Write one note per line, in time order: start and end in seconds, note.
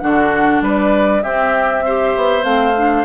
0.00 0.62 D3
0.00 1.23 D4
0.00 0.63 F#4
0.00 0.61 F#5
0.62 1.23 G3
0.62 1.23 B4
0.62 1.23 D5
1.23 2.16 C4
1.23 1.86 C4
1.23 1.84 G4
1.23 2.44 E5
1.86 2.43 G4
1.86 3.05 C5
2.16 2.44 B3
2.43 3.05 A3
2.43 2.73 C4
2.43 3.05 F5
2.77 3.05 D4